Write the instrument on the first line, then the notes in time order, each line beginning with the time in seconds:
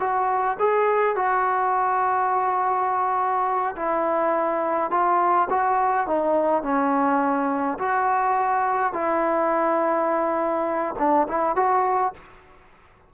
trombone
0.00 F#4
0.60 G#4
1.16 F#4
3.76 E4
4.91 F4
5.50 F#4
6.07 D#4
6.63 C#4
7.79 F#4
8.93 E4
10.99 D4
11.28 E4
11.56 F#4